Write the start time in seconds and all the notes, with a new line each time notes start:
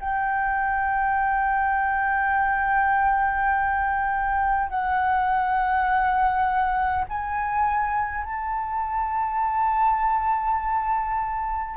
0.00 G5
4.70 F#5
7.09 G#5
8.24 A5